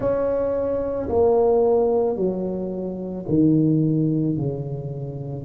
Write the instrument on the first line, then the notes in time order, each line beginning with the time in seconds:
tuba
0.00 C#4
1.09 A#3
2.16 F#3
3.28 D#3
4.37 C#3